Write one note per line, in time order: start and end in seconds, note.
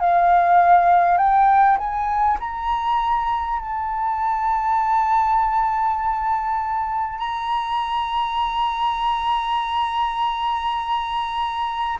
0.00 1.17 F5
1.17 1.77 G5
1.78 2.38 G#5
2.39 3.59 A#5
3.60 7.18 A5
7.18 11.98 A#5